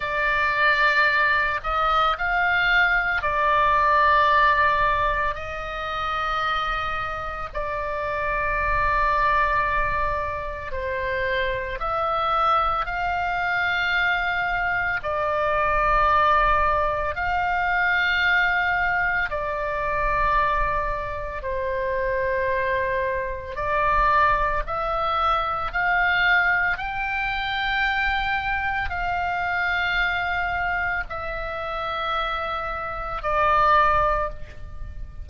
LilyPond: \new Staff \with { instrumentName = "oboe" } { \time 4/4 \tempo 4 = 56 d''4. dis''8 f''4 d''4~ | d''4 dis''2 d''4~ | d''2 c''4 e''4 | f''2 d''2 |
f''2 d''2 | c''2 d''4 e''4 | f''4 g''2 f''4~ | f''4 e''2 d''4 | }